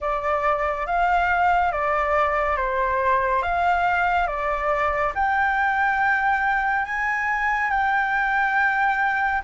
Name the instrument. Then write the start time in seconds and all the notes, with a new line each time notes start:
flute
0.00 D5
0.86 F5
1.71 D5
2.56 C5
3.42 F5
4.27 D5
5.14 G5
6.85 G#5
7.70 G5